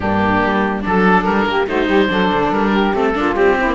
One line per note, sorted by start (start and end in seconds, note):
0.00 0.42 G2
0.00 0.81 A#3
0.00 0.83 D4
0.00 0.81 G4
0.42 0.84 G3
0.81 1.26 F#3
0.81 1.65 D4
0.81 1.24 A4
0.81 1.48 A4
1.24 1.45 G3
1.24 1.65 A#4
1.45 1.66 A#3
1.45 1.67 G4
1.67 1.88 A3
1.67 2.09 D#4
1.67 1.86 F#4
1.67 2.52 C5
1.86 2.09 G3
1.86 2.07 G4
2.09 2.31 F#3
2.09 2.92 D4
2.09 2.70 A4
2.33 2.51 D3
2.51 2.93 G3
2.51 2.94 A#4
2.70 3.12 G4
2.93 3.14 A3
2.93 3.14 C4
2.93 3.35 A4
3.14 3.35 A#3
3.14 3.35 D4
3.14 3.58 F4
3.35 3.56 G3
3.35 3.74 C4
3.35 3.74 G4
3.58 3.67 C4
3.58 3.74 E4
3.67 3.74 A#3